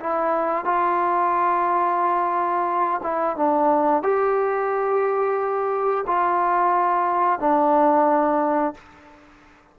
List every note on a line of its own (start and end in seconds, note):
0.00 0.65 E4
0.65 3.01 F4
3.02 3.36 E4
3.36 4.02 D4
4.02 6.05 G4
6.06 7.39 F4
7.39 8.74 D4